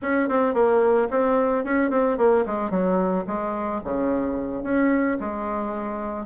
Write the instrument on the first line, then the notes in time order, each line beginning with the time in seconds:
bassoon
0.01 C#4
0.28 C4
0.53 A#3
1.10 C4
1.64 C#4
1.90 C4
2.17 A#3
2.45 G#3
2.70 F#3
3.26 G#3
3.83 C#3
4.63 C#4
5.19 G#3